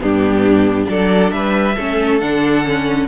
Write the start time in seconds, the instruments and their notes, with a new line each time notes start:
0.00 cello G2, viola B3, violin D4 G4
0.85 cello F#3, viola D4, violin A4 D5
1.31 cello G3, violin B4 E5
1.75 cello A3, viola C#4, violin A4
2.19 cello D3, viola D4, violin F#5
2.64 viola C#4